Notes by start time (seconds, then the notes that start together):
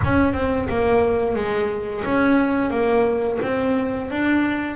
0.03 C#4
0.33 C4
0.68 A#3
1.35 G#3
2.04 C#4
2.70 A#3
3.42 C4
4.10 D4